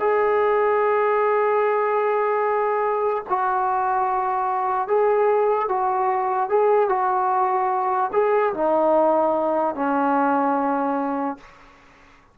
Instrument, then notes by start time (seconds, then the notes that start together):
trombone
0.00 G#4
3.29 F#4
4.88 G#4
5.69 F#4
6.50 G#4
6.89 F#4
8.13 G#4
8.54 D#4
9.76 C#4